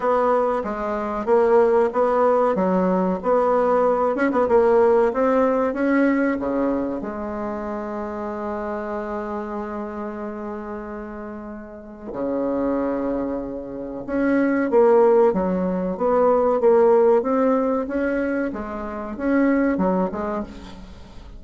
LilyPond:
\new Staff \with { instrumentName = "bassoon" } { \time 4/4 \tempo 4 = 94 b4 gis4 ais4 b4 | fis4 b4. cis'16 b16 ais4 | c'4 cis'4 cis4 gis4~ | gis1~ |
gis2. cis4~ | cis2 cis'4 ais4 | fis4 b4 ais4 c'4 | cis'4 gis4 cis'4 fis8 gis8 | }